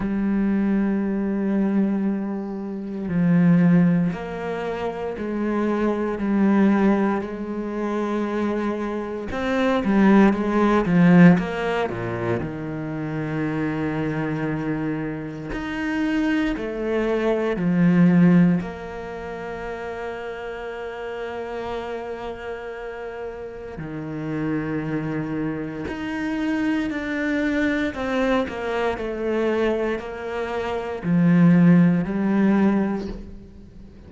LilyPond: \new Staff \with { instrumentName = "cello" } { \time 4/4 \tempo 4 = 58 g2. f4 | ais4 gis4 g4 gis4~ | gis4 c'8 g8 gis8 f8 ais8 ais,8 | dis2. dis'4 |
a4 f4 ais2~ | ais2. dis4~ | dis4 dis'4 d'4 c'8 ais8 | a4 ais4 f4 g4 | }